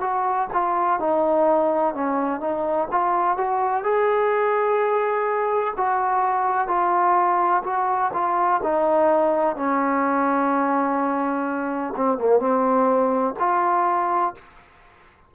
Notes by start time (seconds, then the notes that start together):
0.00 F#4
0.53 F4
0.99 D#4
1.94 C#4
2.40 D#4
2.91 F4
3.37 F#4
3.83 G#4
5.76 F#4
6.67 F4
7.63 F#4
8.13 F4
8.63 D#4
9.55 C#4
11.96 C4
12.18 A#3
12.39 C4
13.39 F4